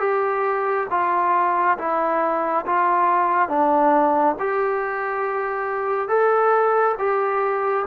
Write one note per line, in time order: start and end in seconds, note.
0.00 0.87 G4
0.91 1.77 F4
1.78 2.65 E4
2.66 3.49 F4
3.49 4.36 D4
4.40 6.09 G4
6.09 6.96 A4
6.98 7.85 G4